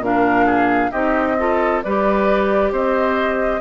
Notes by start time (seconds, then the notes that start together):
0.00 A#2 D4 A#4 F5
0.46 G#4
0.92 C4 D#4 G4 D#5
1.38 F4 A4
1.83 G3 G4 B4 D5
2.72 C4 C5 D#5